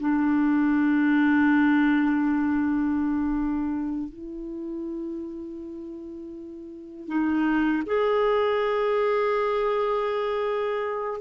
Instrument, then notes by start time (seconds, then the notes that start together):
clarinet
0.00 D4
4.09 E4
7.08 D#4
7.86 G#4